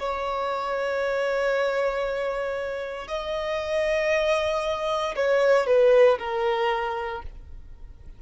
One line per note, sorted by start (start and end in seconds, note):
0.00 3.08 C#5
3.08 5.15 D#5
5.16 5.67 C#5
5.67 6.19 B4
6.19 7.23 A#4